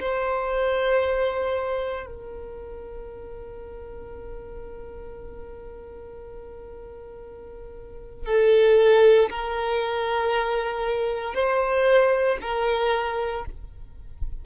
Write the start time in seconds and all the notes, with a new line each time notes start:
0.00 C5
2.06 A#4
8.26 A4
9.30 A#4
11.34 C5
12.41 A#4